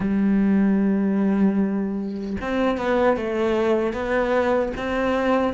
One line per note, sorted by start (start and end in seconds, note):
0.00 2.36 G3
2.41 2.77 C4
2.77 3.17 B3
3.17 3.93 A3
3.93 4.72 B3
4.77 5.53 C4